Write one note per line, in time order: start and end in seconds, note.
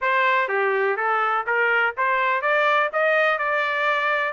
0.01 0.48 C5
0.48 0.96 G4
0.97 1.45 A4
1.46 1.95 A#4
1.97 2.41 C5
2.41 2.89 D5
2.92 3.38 D#5
3.38 4.33 D5